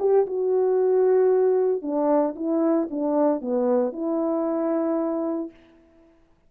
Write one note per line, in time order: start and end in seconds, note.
0.00 0.26 G4
0.27 1.83 F#4
1.83 2.35 D4
2.36 2.89 E4
2.91 3.41 D4
3.41 3.93 B3
3.93 5.51 E4